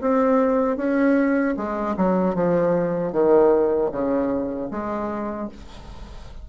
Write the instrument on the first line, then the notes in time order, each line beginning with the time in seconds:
bassoon
0.00 C4
0.76 C#4
1.56 G#3
1.97 F#3
2.34 F3
3.12 D#3
3.91 C#3
4.70 G#3